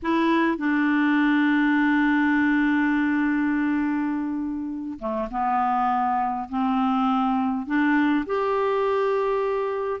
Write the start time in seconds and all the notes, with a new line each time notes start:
0.02 E4
0.57 D4
4.99 A3
5.30 B3
6.49 C4
7.66 D4
8.26 G4